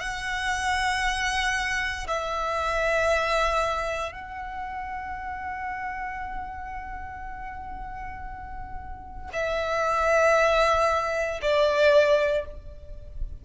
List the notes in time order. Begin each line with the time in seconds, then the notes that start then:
0.00 F#5
2.07 E5
4.12 F#5
9.33 E5
11.42 D5